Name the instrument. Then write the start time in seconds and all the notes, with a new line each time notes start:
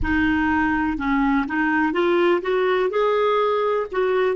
clarinet
0.02 D#4
0.97 C#4
1.47 D#4
1.93 F4
2.41 F#4
2.89 G#4
3.91 F#4